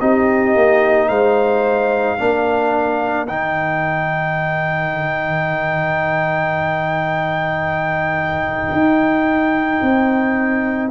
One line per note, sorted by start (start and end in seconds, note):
0.00 0.56 C4
0.00 2.18 D#4
0.00 1.08 G4
0.00 1.09 D#5
0.56 1.09 A#3
1.08 2.18 G#3
1.08 2.17 C5
1.08 3.27 F5
2.17 3.28 A#3
2.17 3.27 D4
2.17 10.90 A#4
3.27 8.72 D#3
3.27 10.91 D#4
3.27 10.91 G5
8.72 9.81 D#4
9.82 10.91 C4